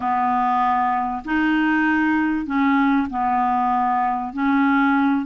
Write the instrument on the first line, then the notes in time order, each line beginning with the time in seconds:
clarinet
0.00 B3
1.25 D#4
2.45 C#4
3.09 B3
4.33 C#4